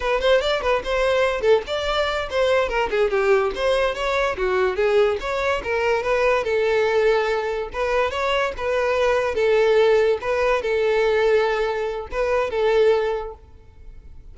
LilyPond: \new Staff \with { instrumentName = "violin" } { \time 4/4 \tempo 4 = 144 b'8 c''8 d''8 b'8 c''4. a'8 | d''4. c''4 ais'8 gis'8 g'8~ | g'8 c''4 cis''4 fis'4 gis'8~ | gis'8 cis''4 ais'4 b'4 a'8~ |
a'2~ a'8 b'4 cis''8~ | cis''8 b'2 a'4.~ | a'8 b'4 a'2~ a'8~ | a'4 b'4 a'2 | }